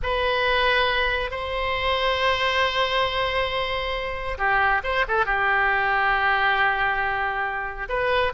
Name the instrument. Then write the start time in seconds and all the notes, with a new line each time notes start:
oboe
0.02 B4
1.30 C5
4.38 G4
4.83 C5
5.08 A4
5.25 G4
7.89 B4